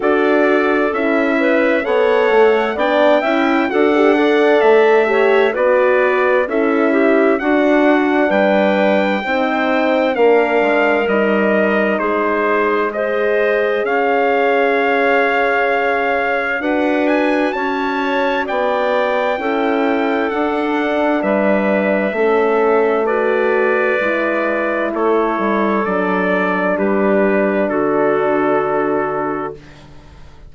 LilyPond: <<
  \new Staff \with { instrumentName = "trumpet" } { \time 4/4 \tempo 4 = 65 d''4 e''4 fis''4 g''4 | fis''4 e''4 d''4 e''4 | fis''4 g''2 f''4 | dis''4 c''4 dis''4 f''4~ |
f''2 fis''8 gis''8 a''4 | g''2 fis''4 e''4~ | e''4 d''2 cis''4 | d''4 b'4 a'2 | }
  \new Staff \with { instrumentName = "clarinet" } { \time 4/4 a'4. b'8 cis''4 d''8 e''8 | a'8 d''4 cis''8 b'4 a'8 g'8 | fis'4 b'4 c''4 ais'4~ | ais'4 gis'4 c''4 cis''4~ |
cis''2 b'4 cis''4 | d''4 a'2 b'4 | a'4 b'2 a'4~ | a'4 g'4 fis'2 | }
  \new Staff \with { instrumentName = "horn" } { \time 4/4 fis'4 e'4 a'4 d'8 e'8 | fis'16 g'16 a'4 g'8 fis'4 e'4 | d'2 dis'4 d'4 | dis'2 gis'2~ |
gis'2 fis'2~ | fis'4 e'4 d'2 | cis'4 fis'4 e'2 | d'1 | }
  \new Staff \with { instrumentName = "bassoon" } { \time 4/4 d'4 cis'4 b8 a8 b8 cis'8 | d'4 a4 b4 cis'4 | d'4 g4 c'4 ais8 gis8 | g4 gis2 cis'4~ |
cis'2 d'4 cis'4 | b4 cis'4 d'4 g4 | a2 gis4 a8 g8 | fis4 g4 d2 | }
>>